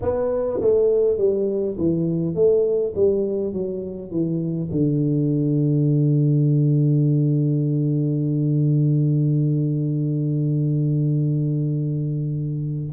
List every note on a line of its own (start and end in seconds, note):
0.01 0.60 B3
0.60 1.17 A3
1.17 1.76 G3
1.77 2.35 E3
2.35 2.94 A3
2.95 3.52 G3
3.52 4.10 F#3
4.10 4.69 E3
4.71 12.93 D3